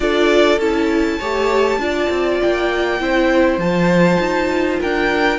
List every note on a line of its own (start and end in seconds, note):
0.00 0.58 D4
0.00 0.60 F4
0.00 1.18 A4
0.00 0.59 D5
0.58 1.18 C#4
0.58 1.20 E4
0.58 2.40 A5
1.18 1.78 A3
1.18 1.79 G4
1.18 1.78 C#5
1.78 2.08 D4
1.78 2.99 F4
1.78 3.01 D5
2.09 2.39 C4
2.41 3.00 A#3
2.41 3.59 G5
2.99 3.57 C4
2.99 3.59 E4
2.99 4.79 C5
3.57 4.17 F3
3.57 5.38 F4
3.57 4.79 A5
4.19 4.79 D#4
4.79 5.38 D4
4.79 5.38 A#4
4.79 5.38 G5